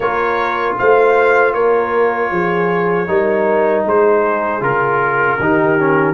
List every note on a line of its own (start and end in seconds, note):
0.00 0.75 A#3
0.00 3.07 F4
0.00 0.77 A#4
0.00 0.75 C#5
0.78 1.54 A3
0.78 1.53 C5
0.78 1.53 F5
1.53 2.31 A#3
1.53 2.30 A#4
1.53 3.84 C#5
2.31 3.08 F3
2.31 3.08 G#4
3.07 3.84 G3
3.07 4.60 D#4
3.07 3.85 A#4
3.85 4.60 G#3
3.85 5.40 G#4
3.85 4.63 C5
4.60 5.37 C#3
4.60 5.37 F4
4.60 6.14 A#4
5.39 6.14 D#3
5.39 5.79 D#4
5.39 6.14 G4
5.79 6.14 C#4